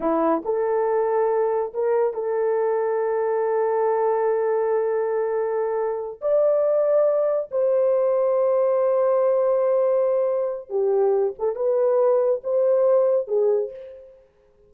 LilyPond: \new Staff \with { instrumentName = "horn" } { \time 4/4 \tempo 4 = 140 e'4 a'2. | ais'4 a'2.~ | a'1~ | a'2~ a'8 d''4.~ |
d''4. c''2~ c''8~ | c''1~ | c''4 g'4. a'8 b'4~ | b'4 c''2 gis'4 | }